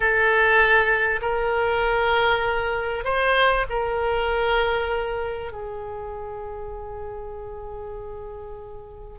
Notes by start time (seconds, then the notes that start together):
0.00 A4
1.21 A#4
3.04 C5
3.69 A#4
5.52 G#4